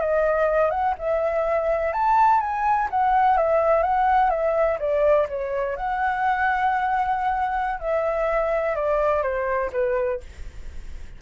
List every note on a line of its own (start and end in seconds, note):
0.00 0.70 D#5
0.70 0.94 F#5
0.98 1.93 E5
1.93 2.40 A5
2.40 2.88 G#5
2.90 3.37 F#5
3.37 3.82 E5
3.82 4.30 F#5
4.30 4.78 E5
4.79 5.27 D5
5.28 5.76 C#5
5.76 7.80 F#5
7.80 8.76 E5
8.76 9.22 D5
9.22 9.70 C5
9.72 10.20 B4